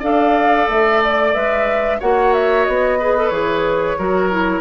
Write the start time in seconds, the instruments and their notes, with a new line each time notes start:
0.00 bassoon D4, clarinet A4, oboe D5, flute F5
0.69 bassoon A3, flute E5
1.04 flute D5
1.34 bassoon G#3, clarinet B4, flute E5
2.00 bassoon A#3, clarinet F#4, oboe C#5, flute F#5
2.34 flute E5
2.65 bassoon B3, flute D#5
2.99 clarinet G#4, oboe B4
3.18 clarinet A4
3.29 bassoon E3, clarinet G#4, flute C#5
3.99 bassoon F#3, clarinet F#4, oboe A#4
4.31 clarinet E4